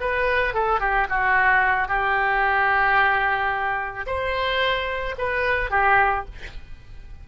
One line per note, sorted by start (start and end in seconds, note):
0.00 0.54 B4
0.54 0.80 A4
0.80 1.07 G4
1.09 1.88 F#4
1.88 4.06 G4
4.06 5.15 C5
5.18 5.70 B4
5.70 6.25 G4